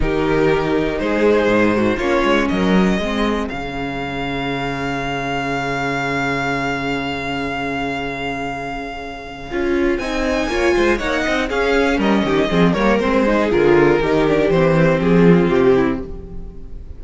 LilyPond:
<<
  \new Staff \with { instrumentName = "violin" } { \time 4/4 \tempo 4 = 120 ais'2 c''2 | cis''4 dis''2 f''4~ | f''1~ | f''1~ |
f''1 | gis''2 fis''4 f''4 | dis''4. cis''8 c''4 ais'4~ | ais'4 c''4 gis'4 g'4 | }
  \new Staff \with { instrumentName = "violin" } { \time 4/4 g'2 gis'4. fis'8 | f'4 ais'4 gis'2~ | gis'1~ | gis'1~ |
gis'1~ | gis'4 cis''8 c''8 cis''8 dis''8 gis'4 | ais'8 g'8 gis'8 ais'4 gis'4. | g'2~ g'8 f'4 e'8 | }
  \new Staff \with { instrumentName = "viola" } { \time 4/4 dis'1 | cis'2 c'4 cis'4~ | cis'1~ | cis'1~ |
cis'2. f'4 | dis'4 f'4 dis'4 cis'4~ | cis'4 c'8 ais8 c'8 dis'8 f'4 | dis'8 d'8 c'2. | }
  \new Staff \with { instrumentName = "cello" } { \time 4/4 dis2 gis4 gis,4 | ais8 gis8 fis4 gis4 cis4~ | cis1~ | cis1~ |
cis2. cis'4 | c'4 ais8 gis8 ais8 c'8 cis'4 | g8 dis8 f8 g8 gis4 d4 | dis4 e4 f4 c4 | }
>>